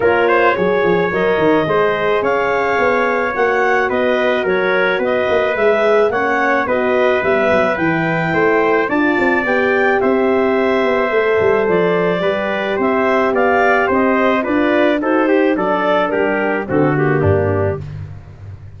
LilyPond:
<<
  \new Staff \with { instrumentName = "clarinet" } { \time 4/4 \tempo 4 = 108 cis''2 dis''2 | f''2 fis''4 dis''4 | cis''4 dis''4 e''4 fis''4 | dis''4 e''4 g''2 |
a''4 g''4 e''2~ | e''4 d''2 e''4 | f''4 dis''4 d''4 c''4 | d''4 ais'4 a'8 g'4. | }
  \new Staff \with { instrumentName = "trumpet" } { \time 4/4 ais'8 c''8 cis''2 c''4 | cis''2. b'4 | ais'4 b'2 cis''4 | b'2. c''4 |
d''2 c''2~ | c''2 b'4 c''4 | d''4 c''4 b'4 a'8 g'8 | a'4 g'4 fis'4 d'4 | }
  \new Staff \with { instrumentName = "horn" } { \time 4/4 f'4 gis'4 ais'4 gis'4~ | gis'2 fis'2~ | fis'2 gis'4 cis'4 | fis'4 b4 e'2 |
f'4 g'2. | a'2 g'2~ | g'2 f'4 fis'8 g'8 | d'2 c'8 ais4. | }
  \new Staff \with { instrumentName = "tuba" } { \time 4/4 ais4 fis8 f8 fis8 dis8 gis4 | cis'4 b4 ais4 b4 | fis4 b8 ais8 gis4 ais4 | b4 g8 fis8 e4 a4 |
d'8 c'8 b4 c'4. b8 | a8 g8 f4 g4 c'4 | b4 c'4 d'4 dis'4 | fis4 g4 d4 g,4 | }
>>